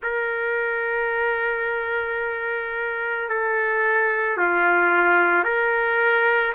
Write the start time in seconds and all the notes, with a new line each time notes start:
0.02 A#4
3.29 A4
4.37 F4
5.43 A#4